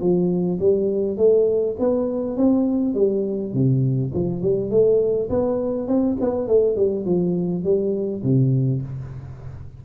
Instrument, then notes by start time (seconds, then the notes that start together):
tuba
0.00 F3
0.59 G3
1.17 A3
1.79 B3
2.37 C4
2.94 G3
3.53 C3
4.14 F3
4.41 G3
4.70 A3
5.29 B3
5.87 C4
6.20 B3
6.47 A3
6.75 G3
7.05 F3
7.64 G3
8.23 C3